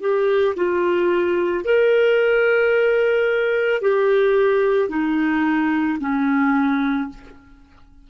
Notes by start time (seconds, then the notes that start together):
0.00 G4
0.56 F4
1.64 A#4
3.81 G4
4.89 D#4
6.00 C#4